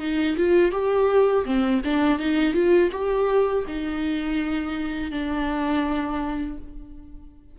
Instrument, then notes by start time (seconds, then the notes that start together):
viola
0.00 D#4
0.37 F4
0.72 G4
1.46 C4
1.85 D4
2.19 D#4
2.54 F4
2.92 G4
3.68 D#4
5.12 D4